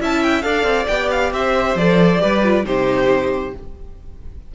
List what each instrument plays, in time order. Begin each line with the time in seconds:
0.00 cello C#4, viola E4, violin E5 A5
0.23 violin G5
0.42 cello D4, viola A4, violin D5 F5
0.63 cello C4
0.87 cello B3, viola G4, violin G5
1.10 violin F5
1.32 cello C4, violin C5 E5
1.75 cello F3, viola A4, violin D5
2.18 cello G3, viola G4, violin B4
2.44 viola F4
2.64 cello C3, viola D#4, violin G4 C5